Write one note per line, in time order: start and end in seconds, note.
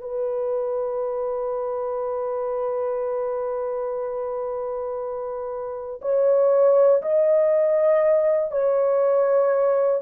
0.00 6.00 B4
6.01 7.01 C#5
7.02 8.51 D#5
8.51 10.01 C#5